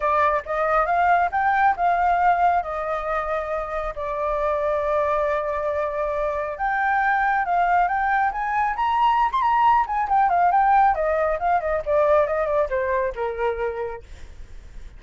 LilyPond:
\new Staff \with { instrumentName = "flute" } { \time 4/4 \tempo 4 = 137 d''4 dis''4 f''4 g''4 | f''2 dis''2~ | dis''4 d''2.~ | d''2. g''4~ |
g''4 f''4 g''4 gis''4 | ais''4~ ais''16 c'''16 ais''4 gis''8 g''8 f''8 | g''4 dis''4 f''8 dis''8 d''4 | dis''8 d''8 c''4 ais'2 | }